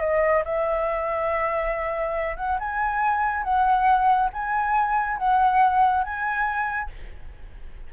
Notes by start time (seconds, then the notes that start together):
0.00 D#5
0.44 E5
2.36 F#5
2.59 G#5
3.43 F#5
4.33 G#5
5.17 F#5
6.03 G#5